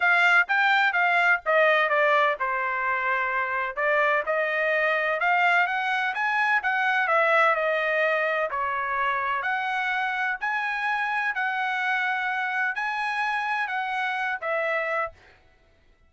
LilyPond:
\new Staff \with { instrumentName = "trumpet" } { \time 4/4 \tempo 4 = 127 f''4 g''4 f''4 dis''4 | d''4 c''2. | d''4 dis''2 f''4 | fis''4 gis''4 fis''4 e''4 |
dis''2 cis''2 | fis''2 gis''2 | fis''2. gis''4~ | gis''4 fis''4. e''4. | }